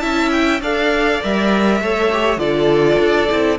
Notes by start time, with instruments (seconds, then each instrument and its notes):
0.00 cello C#4, viola E4, violin E5 A5
0.32 violin G5
0.61 cello D4, viola A4, violin D5 F5
1.23 cello G3, viola A#4, violin E5
1.81 cello A3, viola A4, violin C#5
2.12 viola G4
2.37 cello D3, viola F4, violin A4 D5
2.99 cello D4
3.30 cello C4, viola E4